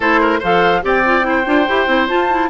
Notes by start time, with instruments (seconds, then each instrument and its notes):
0.00 bassoon A3, clarinet E4, oboe A4, flute C5
0.20 oboe A#4
0.39 bassoon F3, clarinet A4, oboe C5, flute F5
0.82 bassoon C4, clarinet G4, oboe D5, flute G5
1.04 clarinet F4
1.22 clarinet E4
1.28 oboe C5
1.45 bassoon D4, clarinet F4
1.67 bassoon E4, clarinet G4
1.87 bassoon C4, clarinet E4
2.07 clarinet F4, bassoon F4, flute A5
2.30 clarinet E4